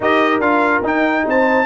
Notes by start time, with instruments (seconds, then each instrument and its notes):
0.00 tuba D#4, trombone G4, horn A#4, trumpet D#5
0.39 tuba D4, trombone F4, trumpet F5
0.83 tuba D#4, trombone D#4, trumpet G5
1.26 tuba C4, horn C5, trumpet A5